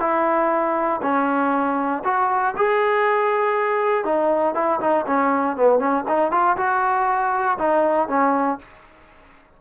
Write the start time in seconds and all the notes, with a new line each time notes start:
0.00 E4
1.02 C#4
2.04 F#4
2.57 G#4
4.05 D#4
4.55 E4
4.80 D#4
5.06 C#4
5.56 B3
5.79 C#4
6.08 D#4
6.32 F4
6.57 F#4
7.58 D#4
8.08 C#4